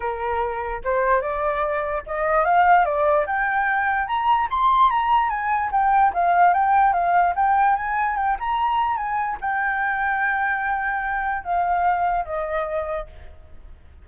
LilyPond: \new Staff \with { instrumentName = "flute" } { \time 4/4 \tempo 4 = 147 ais'2 c''4 d''4~ | d''4 dis''4 f''4 d''4 | g''2 ais''4 c'''4 | ais''4 gis''4 g''4 f''4 |
g''4 f''4 g''4 gis''4 | g''8 ais''4. gis''4 g''4~ | g''1 | f''2 dis''2 | }